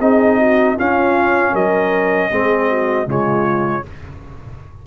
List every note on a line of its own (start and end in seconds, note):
0.00 0.77 C4
0.00 0.78 D#4
0.00 0.38 G#4
0.00 0.77 D#5
0.38 0.75 F#4
0.75 2.31 C#4
0.75 1.53 C#4
0.75 1.52 F4
0.75 1.55 F5
1.52 2.30 F#3
1.52 2.29 A#4
1.52 3.09 D#5
2.31 3.06 G#3
2.31 3.06 C4
2.31 2.69 G#4
2.69 3.07 F#4
3.06 3.83 C#3
3.06 3.83 G#3
3.06 3.85 F4
3.06 3.87 C#5